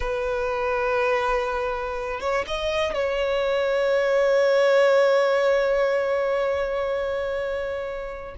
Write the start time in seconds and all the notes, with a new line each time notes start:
0.00 B4
2.20 C#5
2.47 D#5
2.94 C#5